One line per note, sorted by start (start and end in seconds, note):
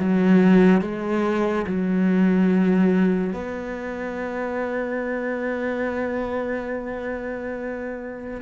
0.00 0.82 F#3
0.82 1.66 G#3
1.67 3.34 F#3
3.34 8.41 B3